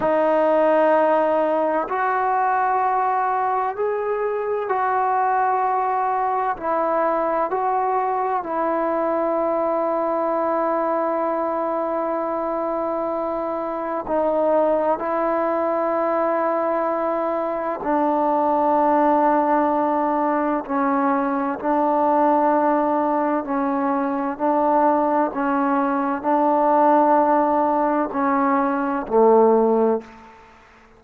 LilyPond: \new Staff \with { instrumentName = "trombone" } { \time 4/4 \tempo 4 = 64 dis'2 fis'2 | gis'4 fis'2 e'4 | fis'4 e'2.~ | e'2. dis'4 |
e'2. d'4~ | d'2 cis'4 d'4~ | d'4 cis'4 d'4 cis'4 | d'2 cis'4 a4 | }